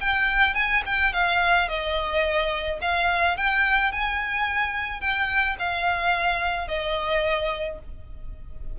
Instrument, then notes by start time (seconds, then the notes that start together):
violin
0.00 G5
0.55 G#5
0.86 G5
1.13 F5
1.68 D#5
2.81 F5
3.37 G5
3.92 G#5
5.01 G5
5.59 F5
6.68 D#5